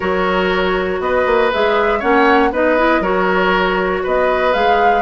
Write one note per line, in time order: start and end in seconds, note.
0.00 0.99 F#3
0.00 1.51 F#4
0.00 0.99 A#4
0.00 1.00 C#5
0.99 1.24 B3
0.99 1.99 B4
0.99 1.51 D#5
1.26 1.51 A#3
1.53 2.02 G#3
1.53 2.00 G#4
1.53 2.01 E5
1.99 2.51 A#3
1.99 2.50 C#4
1.99 2.49 C#5
1.99 2.52 F#5
2.51 3.00 B3
2.51 2.77 D#4
2.51 3.01 B4
2.51 3.03 D#5
2.77 3.02 E4
3.00 4.01 F#3
3.00 4.53 F#4
3.00 4.02 A#4
3.00 4.04 C#5
4.03 4.54 B3
4.03 5.01 B4
4.03 4.53 D#5
4.53 5.01 G#3
4.53 5.01 G#4
4.53 5.01 F5